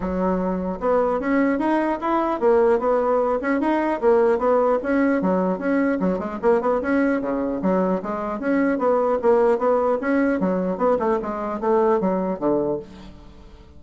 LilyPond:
\new Staff \with { instrumentName = "bassoon" } { \time 4/4 \tempo 4 = 150 fis2 b4 cis'4 | dis'4 e'4 ais4 b4~ | b8 cis'8 dis'4 ais4 b4 | cis'4 fis4 cis'4 fis8 gis8 |
ais8 b8 cis'4 cis4 fis4 | gis4 cis'4 b4 ais4 | b4 cis'4 fis4 b8 a8 | gis4 a4 fis4 d4 | }